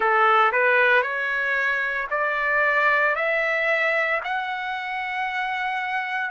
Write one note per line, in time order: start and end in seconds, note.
0.00 0.51 A4
0.52 1.02 B4
1.02 2.07 C#5
2.10 3.15 D5
3.15 4.21 E5
4.23 6.30 F#5